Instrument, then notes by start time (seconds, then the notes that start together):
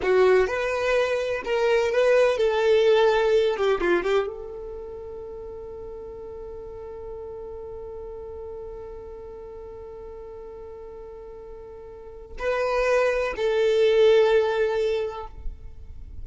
violin
0.02 F#4
0.47 B4
1.45 A#4
1.91 B4
2.37 A4
3.56 G4
3.80 F4
4.03 G4
4.27 A4
12.38 B4
13.36 A4